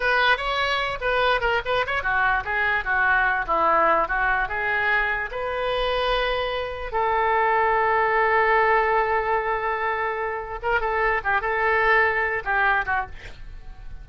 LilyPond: \new Staff \with { instrumentName = "oboe" } { \time 4/4 \tempo 4 = 147 b'4 cis''4. b'4 ais'8 | b'8 cis''8 fis'4 gis'4 fis'4~ | fis'8 e'4. fis'4 gis'4~ | gis'4 b'2.~ |
b'4 a'2.~ | a'1~ | a'2 ais'8 a'4 g'8 | a'2~ a'8 g'4 fis'8 | }